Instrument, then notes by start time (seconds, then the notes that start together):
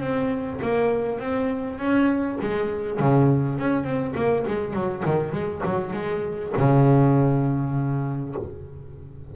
double bass
0.00 C4
0.62 A#3
1.19 C4
1.78 C#4
2.41 G#3
2.99 C#3
3.59 C#4
3.84 C4
4.15 A#3
4.47 G#3
4.73 F#3
5.05 D#3
5.32 G#3
5.65 F#3
5.93 G#3
6.57 C#3